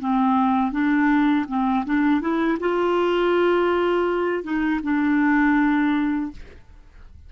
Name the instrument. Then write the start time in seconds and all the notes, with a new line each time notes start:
clarinet
0.00 C4
0.72 D4
1.48 C4
1.86 D4
2.21 E4
2.60 F4
4.43 D#4
4.84 D4